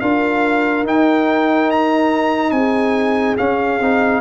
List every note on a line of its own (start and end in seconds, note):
0.00 0.83 D4
0.00 0.86 F4
0.00 2.55 A#4
0.00 0.85 F5
0.83 2.51 D#4
0.83 3.38 D#4
0.83 1.70 G5
1.70 2.51 A#5
2.51 3.36 C4
2.51 4.21 G#4
2.51 3.35 G#5
3.37 3.80 C#4
3.37 4.21 F5
3.80 4.21 C4
3.80 4.21 D#4